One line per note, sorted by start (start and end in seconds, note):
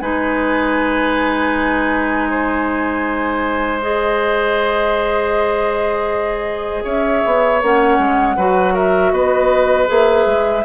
0.00 6.84 G#3
0.00 3.81 D#4
0.00 2.30 B4
0.00 3.80 G#5
2.31 6.84 C5
3.81 7.62 G#4
3.81 6.84 D#5
6.84 7.23 C#4
6.84 8.36 C#5
6.84 7.61 E5
7.25 7.62 B3
7.61 7.98 A#3
7.61 8.38 C#4
7.61 8.75 F#5
7.98 8.36 G#3
8.37 9.12 F#3
8.37 9.87 F#4
8.37 8.74 B4
8.74 9.12 A#4
8.74 9.12 E5
9.12 9.88 B3
9.12 10.65 B4
9.12 9.87 D#5
9.87 10.26 A#3
9.87 10.62 G#4
9.87 10.65 E5
10.26 10.64 G#3